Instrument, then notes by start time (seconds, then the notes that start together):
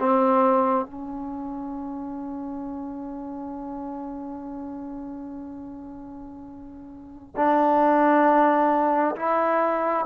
trombone
0.00 C4
0.86 C#4
7.37 D4
9.17 E4